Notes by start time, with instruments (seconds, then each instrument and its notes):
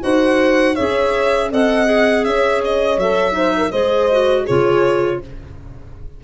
0.00 tuba D#4, clarinet F#4, horn C5, violin F#5
0.74 tuba C#4, clarinet G#4, horn C#5, violin E5
1.51 tuba C4, clarinet A4, horn D#5, violin F#5
1.85 clarinet G#4
2.24 tuba C#4, horn C#5, violin E5
2.64 violin D#5
2.97 tuba F#3, clarinet A4, violin E5
3.31 clarinet D#4, horn C5
3.57 horn A#4
3.71 tuba G#3, clarinet G#4, horn C5, violin D#5
4.11 clarinet F#4
4.44 tuba C#3, clarinet F4, horn G#4, violin C#5